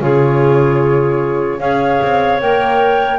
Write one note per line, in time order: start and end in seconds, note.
0.00 1.60 C#3
0.00 1.60 F4
0.00 1.59 G#4
0.00 1.60 C#5
1.59 2.00 C#4
1.59 2.40 G#4
1.59 3.19 C#5
1.59 2.40 F5
2.03 2.41 C4
2.40 3.19 A#3
2.40 3.19 A#4
2.40 3.19 G5